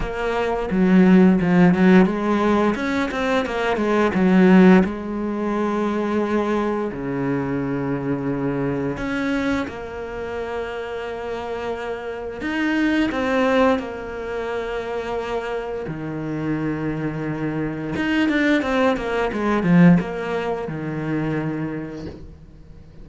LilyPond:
\new Staff \with { instrumentName = "cello" } { \time 4/4 \tempo 4 = 87 ais4 fis4 f8 fis8 gis4 | cis'8 c'8 ais8 gis8 fis4 gis4~ | gis2 cis2~ | cis4 cis'4 ais2~ |
ais2 dis'4 c'4 | ais2. dis4~ | dis2 dis'8 d'8 c'8 ais8 | gis8 f8 ais4 dis2 | }